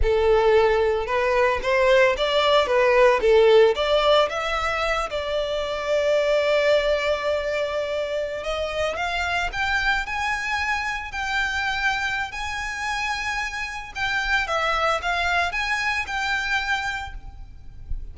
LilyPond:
\new Staff \with { instrumentName = "violin" } { \time 4/4 \tempo 4 = 112 a'2 b'4 c''4 | d''4 b'4 a'4 d''4 | e''4. d''2~ d''8~ | d''2.~ d''8. dis''16~ |
dis''8. f''4 g''4 gis''4~ gis''16~ | gis''8. g''2~ g''16 gis''4~ | gis''2 g''4 e''4 | f''4 gis''4 g''2 | }